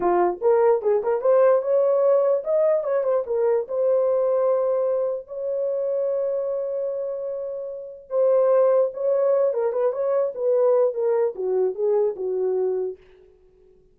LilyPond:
\new Staff \with { instrumentName = "horn" } { \time 4/4 \tempo 4 = 148 f'4 ais'4 gis'8 ais'8 c''4 | cis''2 dis''4 cis''8 c''8 | ais'4 c''2.~ | c''4 cis''2.~ |
cis''1 | c''2 cis''4. ais'8 | b'8 cis''4 b'4. ais'4 | fis'4 gis'4 fis'2 | }